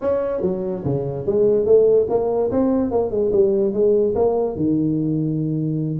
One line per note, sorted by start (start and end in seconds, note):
0.01 0.41 C#4
0.41 0.83 F#3
0.84 1.26 C#3
1.26 1.65 G#3
1.65 2.07 A3
2.09 2.51 A#3
2.51 2.91 C4
2.91 3.10 A#3
3.10 3.31 G#3
3.31 3.73 G3
3.73 4.14 G#3
4.15 4.56 A#3
4.56 5.99 D#3